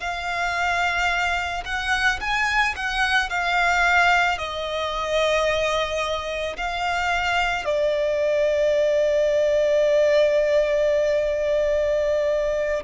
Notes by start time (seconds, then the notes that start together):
0.00 F5
1.65 F#5
2.20 G#5
2.76 F#5
3.29 F5
4.38 D#5
6.57 F5
7.65 D5